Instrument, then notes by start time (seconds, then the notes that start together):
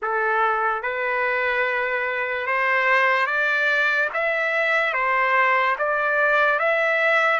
trumpet
0.02 A4
0.82 B4
2.47 C5
3.26 D5
4.13 E5
4.93 C5
5.78 D5
6.59 E5